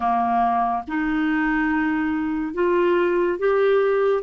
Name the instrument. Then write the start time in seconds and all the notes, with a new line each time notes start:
clarinet
0.00 A#3
0.87 D#4
2.54 F4
3.38 G4